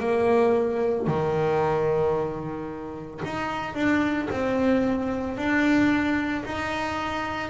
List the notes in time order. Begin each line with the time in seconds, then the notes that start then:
0.00 A#3
1.07 D#3
3.25 D#4
3.75 D4
4.31 C4
5.37 D4
6.45 D#4